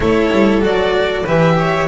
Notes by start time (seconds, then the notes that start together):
0.00 A3 E4 A4 C#5
0.31 G3
0.61 F#3 F#4 D5
1.23 E3 G4 B4 E5
1.58 C#5